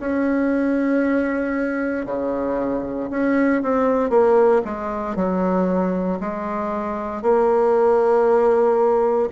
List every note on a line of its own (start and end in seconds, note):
0.00 2.06 C#4
2.06 3.09 C#3
3.10 3.62 C#4
3.63 4.10 C4
4.10 4.62 A#3
4.65 5.16 G#3
5.16 6.19 F#3
6.20 7.22 G#3
7.22 9.29 A#3